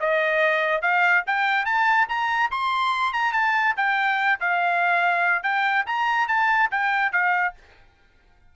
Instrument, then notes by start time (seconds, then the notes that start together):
trumpet
0.00 D#5
0.81 F5
1.26 G5
1.65 A5
2.08 A#5
2.51 C6
3.13 A#5
3.32 A5
3.76 G5
4.40 F5
5.43 G5
5.86 A#5
6.27 A5
6.71 G5
7.12 F5